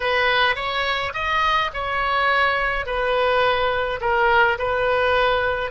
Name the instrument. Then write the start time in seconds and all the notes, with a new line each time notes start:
oboe
0.00 B4
0.55 C#5
1.13 D#5
1.73 C#5
2.85 B4
4.01 A#4
4.58 B4